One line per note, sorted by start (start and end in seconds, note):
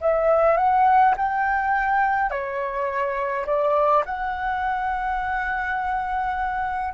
0.00 0.57 E5
0.57 1.14 F#5
1.17 2.30 G5
2.30 3.46 C#5
3.46 4.04 D5
4.05 6.93 F#5